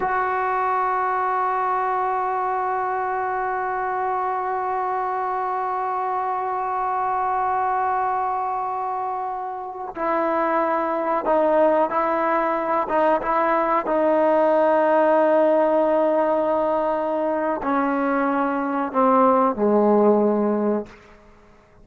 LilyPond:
\new Staff \with { instrumentName = "trombone" } { \time 4/4 \tempo 4 = 92 fis'1~ | fis'1~ | fis'1~ | fis'2.~ fis'16 e'8.~ |
e'4~ e'16 dis'4 e'4. dis'16~ | dis'16 e'4 dis'2~ dis'8.~ | dis'2. cis'4~ | cis'4 c'4 gis2 | }